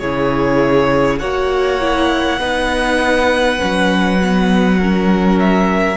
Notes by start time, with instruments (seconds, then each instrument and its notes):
0.00 cello C#3, viola E4, violin G#4 C#5
1.19 cello A#3, viola F#4, violin C#5 F#5
1.81 viola E4
2.39 cello B3, viola D#4, violin B4
3.59 cello F#3, viola C#4
4.22 viola B3
4.79 viola C#4, violin A#4
5.40 violin E5